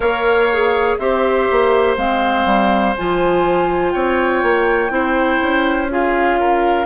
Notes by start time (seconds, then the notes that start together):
0.00 A#3 A#4 C#5 F5
0.52 G#4
0.98 C4 G4 C5 E5
1.50 A#3
1.96 G#3 C4 F5
2.45 G3
2.95 F3 F4 G#5
3.91 C4 C#5 G5
4.42 A#3
4.90 C4 E4 C5
5.41 C#4
5.90 F4 G#4 F5
6.39 A#4